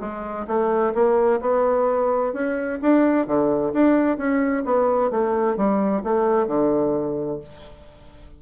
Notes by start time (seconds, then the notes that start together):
0.00 G#3
0.47 A3
0.94 A#3
1.41 B3
2.33 C#4
2.82 D4
3.26 D3
3.73 D4
4.17 C#4
4.65 B3
5.11 A3
5.57 G3
6.03 A3
6.47 D3